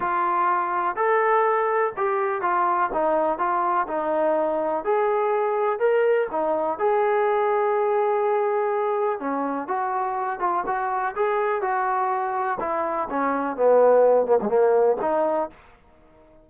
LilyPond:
\new Staff \with { instrumentName = "trombone" } { \time 4/4 \tempo 4 = 124 f'2 a'2 | g'4 f'4 dis'4 f'4 | dis'2 gis'2 | ais'4 dis'4 gis'2~ |
gis'2. cis'4 | fis'4. f'8 fis'4 gis'4 | fis'2 e'4 cis'4 | b4. ais16 gis16 ais4 dis'4 | }